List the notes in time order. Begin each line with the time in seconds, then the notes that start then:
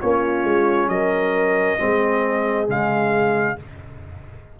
0.00 A#3 C#4 F4 C#5
0.43 G#3
0.88 F#3 A#4 D#5
1.78 G#3 C4 G#4
2.67 C#3 G#3 F5